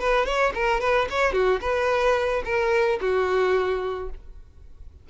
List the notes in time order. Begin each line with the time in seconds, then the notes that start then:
0.00 B4
0.26 C#5
0.55 A#4
0.81 B4
1.10 C#5
1.33 F#4
1.61 B4
2.45 A#4
3.01 F#4